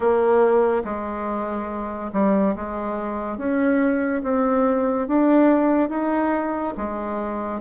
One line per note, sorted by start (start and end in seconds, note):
0.00 0.83 A#3
0.84 2.11 G#3
2.12 2.55 G3
2.55 3.37 G#3
3.37 4.22 C#4
4.23 5.07 C4
5.07 5.89 D4
5.89 6.73 D#4
6.77 7.60 G#3